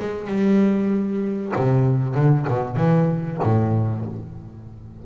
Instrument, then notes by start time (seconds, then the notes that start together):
double bass
0.00 G#3
0.27 G3
1.56 C3
2.15 D3
2.48 B2
2.76 E3
3.43 A2